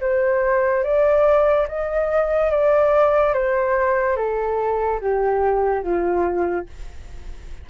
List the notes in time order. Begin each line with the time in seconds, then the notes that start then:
0.00 C5
0.83 D5
1.68 D#5
2.50 D5
3.33 C5
4.16 A4
5.00 G4
5.83 F4